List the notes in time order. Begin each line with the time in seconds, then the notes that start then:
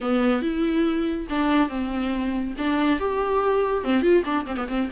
0.01 B3
0.42 E4
1.29 D4
1.68 C4
2.58 D4
2.99 G4
3.84 C4
4.02 F4
4.24 D4
4.46 C4
4.56 B3
4.68 C4